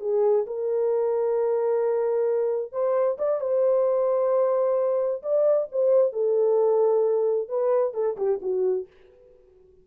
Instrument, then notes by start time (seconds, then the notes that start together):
horn
0.00 G#4
0.46 A#4
2.72 C5
3.18 D5
3.40 C5
5.22 D5
5.71 C5
6.12 A4
7.49 B4
7.94 A4
8.17 G4
8.42 F#4